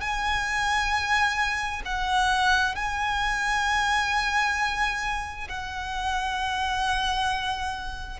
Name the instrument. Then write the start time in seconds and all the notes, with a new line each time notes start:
violin
0.00 G#5
1.85 F#5
2.75 G#5
5.48 F#5